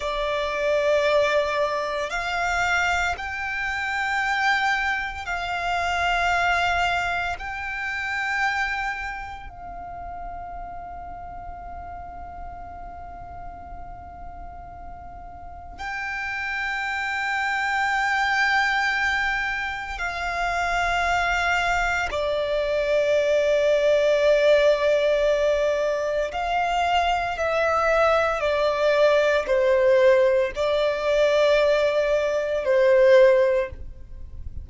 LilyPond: \new Staff \with { instrumentName = "violin" } { \time 4/4 \tempo 4 = 57 d''2 f''4 g''4~ | g''4 f''2 g''4~ | g''4 f''2.~ | f''2. g''4~ |
g''2. f''4~ | f''4 d''2.~ | d''4 f''4 e''4 d''4 | c''4 d''2 c''4 | }